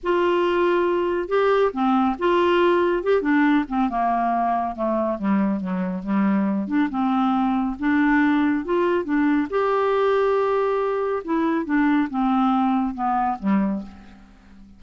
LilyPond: \new Staff \with { instrumentName = "clarinet" } { \time 4/4 \tempo 4 = 139 f'2. g'4 | c'4 f'2 g'8 d'8~ | d'8 c'8 ais2 a4 | g4 fis4 g4. d'8 |
c'2 d'2 | f'4 d'4 g'2~ | g'2 e'4 d'4 | c'2 b4 g4 | }